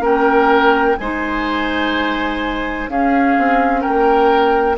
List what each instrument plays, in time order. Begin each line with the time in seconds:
0.00 bassoon A#3, clarinet C#4, oboe A#4, flute G5
0.98 bassoon G#3, clarinet D#4, oboe C5, flute G#5
2.88 bassoon C#4, clarinet C#4, oboe G#4, flute F5
3.38 bassoon C4
3.81 oboe A#4, flute G5
3.87 bassoon A#3